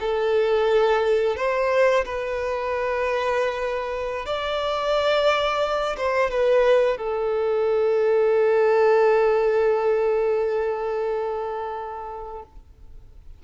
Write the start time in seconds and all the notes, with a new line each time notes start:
0.00 A4
1.36 C5
2.05 B4
4.26 D5
5.97 C5
6.30 B4
6.97 A4